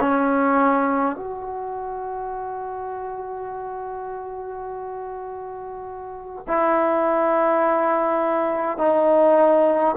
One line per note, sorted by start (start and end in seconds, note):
0.00 1.16 C#4
1.16 6.45 F#4
6.47 8.78 E4
8.78 9.95 D#4